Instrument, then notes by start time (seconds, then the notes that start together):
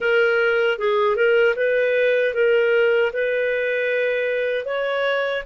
clarinet
0.00 A#4
0.78 G#4
1.15 A#4
1.56 B4
2.34 A#4
3.12 B4
4.65 C#5